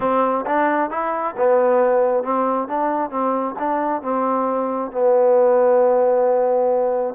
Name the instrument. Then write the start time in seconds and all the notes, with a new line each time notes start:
trombone
0.00 C4
0.46 D4
0.90 E4
1.37 B3
2.23 C4
2.68 D4
3.10 C4
3.58 D4
4.02 C4
4.91 B3